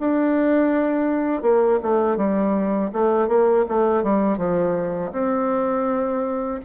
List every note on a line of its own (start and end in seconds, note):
0.00 1.42 D4
1.42 1.79 A#3
1.83 2.17 A3
2.17 2.91 G3
2.93 3.28 A3
3.28 3.65 A#3
3.69 4.04 A3
4.04 4.38 G3
4.38 5.12 F3
5.12 6.61 C4